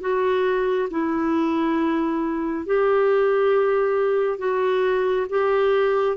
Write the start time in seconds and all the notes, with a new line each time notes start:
0.00 F#4
0.90 E4
2.66 G4
4.38 F#4
5.29 G4